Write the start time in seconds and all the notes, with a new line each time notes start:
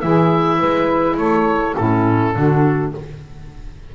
0.00 E3 E4 G#4 E5
0.57 G#3 B4
1.17 A3 A4 C#5
1.75 A2 C#4 E4 A4
2.34 D3 D4 F#4